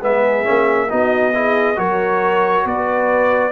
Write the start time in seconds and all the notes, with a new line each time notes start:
0.00 G#3 B3 G#4 E5
0.44 A#3 C#4
0.89 B3 D#4 F#4 D#5
1.35 E4 G#4
1.77 F#3 F#4 A#4 C#5
2.65 B3 B4 D5